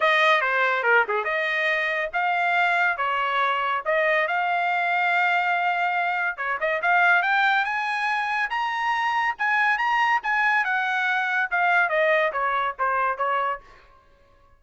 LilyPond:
\new Staff \with { instrumentName = "trumpet" } { \time 4/4 \tempo 4 = 141 dis''4 c''4 ais'8 gis'8 dis''4~ | dis''4 f''2 cis''4~ | cis''4 dis''4 f''2~ | f''2. cis''8 dis''8 |
f''4 g''4 gis''2 | ais''2 gis''4 ais''4 | gis''4 fis''2 f''4 | dis''4 cis''4 c''4 cis''4 | }